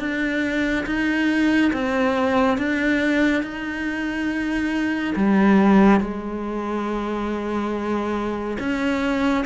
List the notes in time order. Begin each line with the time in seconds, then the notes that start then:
0.00 D4
0.86 D#4
1.73 C4
2.58 D4
3.43 D#4
5.16 G3
6.01 G#3
8.60 C#4